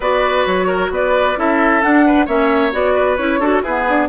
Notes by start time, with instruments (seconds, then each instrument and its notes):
0.00 bassoon B3, clarinet F#4, oboe B4, flute D5
0.46 bassoon F#3, flute C#5
0.67 oboe A#4
0.90 bassoon B3, oboe B4, flute D5
1.36 bassoon C#4, clarinet E4, oboe A4, flute E5
1.81 clarinet D4, bassoon D4, flute F#5
2.06 oboe B4
2.25 bassoon A#3, clarinet C#4, oboe C#5, flute E5
2.71 bassoon B3, clarinet F#4, flute D5
2.94 oboe B4
3.16 bassoon C#4, clarinet E4, flute C#5
3.39 bassoon D4, clarinet F#4, oboe A4
3.61 clarinet B3, bassoon E4, oboe G#4, flute B4
3.88 bassoon D4